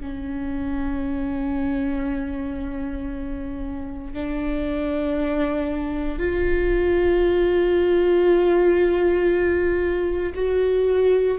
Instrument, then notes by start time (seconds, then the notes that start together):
viola
0.00 C#4
4.14 D4
6.19 F4
10.34 F#4